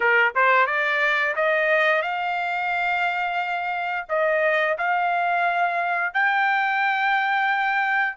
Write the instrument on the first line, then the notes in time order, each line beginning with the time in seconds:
trumpet
0.00 A#4
0.35 C5
0.66 D5
1.35 D#5
2.01 F5
4.08 D#5
4.77 F5
6.13 G5